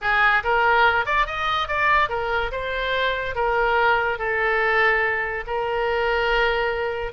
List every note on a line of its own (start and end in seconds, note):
0.01 0.43 G#4
0.43 1.05 A#4
1.05 1.26 D5
1.26 1.67 D#5
1.67 2.09 D5
2.09 2.51 A#4
2.51 3.35 C5
3.35 4.18 A#4
4.18 5.44 A4
5.47 7.12 A#4